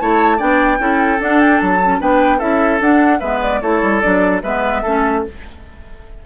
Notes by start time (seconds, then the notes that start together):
0.00 A3 E4 C#5 A5
0.37 B3 D4 D5 G5
0.79 C#4 E4 A4
1.20 D4 F#5
1.41 G5
1.60 F#3 A5
1.84 C#4
2.00 B3 D4 B4 G5
2.38 C#4 E4 A4 E5
2.80 D4 F#5
3.20 G#3 B3 B4 E5
3.42 D5
3.61 A3 E4 A4 C#5
3.82 G3
4.01 F#3 D4 D5
4.43 G#3 B3 B4 E5
4.82 A3 C#4 A4